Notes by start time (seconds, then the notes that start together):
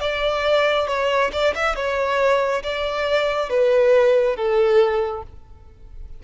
0.00 D5
0.87 C#5
1.32 D5
1.55 E5
1.75 C#5
2.63 D5
3.49 B4
4.36 A4